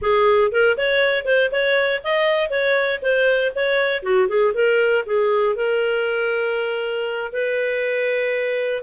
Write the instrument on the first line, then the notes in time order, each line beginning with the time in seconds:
clarinet
0.01 G#4
0.51 A#4
0.77 C#5
1.25 C5
1.51 C#5
2.03 D#5
2.50 C#5
3.02 C5
3.55 C#5
4.02 F#4
4.28 G#4
4.54 A#4
5.06 G#4
5.55 A#4
7.32 B4